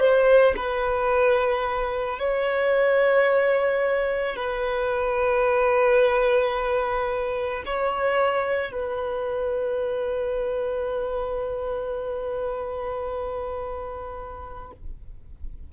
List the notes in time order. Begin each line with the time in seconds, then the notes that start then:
0.00 C5
0.57 B4
2.19 C#5
4.36 B4
7.66 C#5
8.72 B4